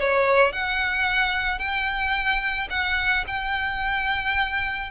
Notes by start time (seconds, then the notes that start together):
0.00 C#5
0.52 F#5
1.59 G5
2.70 F#5
3.27 G5